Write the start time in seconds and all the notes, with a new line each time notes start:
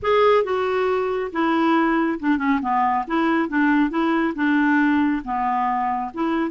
0.02 G#4
0.44 F#4
1.32 E4
2.19 D4
2.38 C#4
2.61 B3
3.07 E4
3.49 D4
3.90 E4
4.35 D4
5.24 B3
6.13 E4